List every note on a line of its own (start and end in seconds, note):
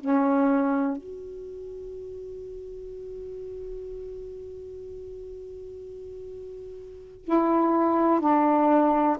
0.00 0.97 C#4
0.97 7.24 F#4
7.24 8.20 E4
8.20 9.17 D4